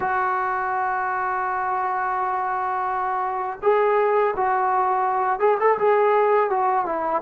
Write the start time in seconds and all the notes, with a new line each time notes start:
0.00 F#4
3.62 G#4
4.36 F#4
5.39 G#4
5.60 A4
5.78 G#4
6.50 F#4
6.85 E4